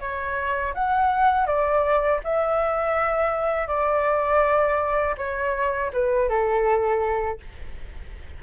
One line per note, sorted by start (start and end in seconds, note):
0.00 0.74 C#5
0.74 1.46 F#5
1.46 2.21 D5
2.24 3.68 E5
3.68 5.16 D5
5.18 5.92 C#5
5.93 6.29 B4
6.29 7.40 A4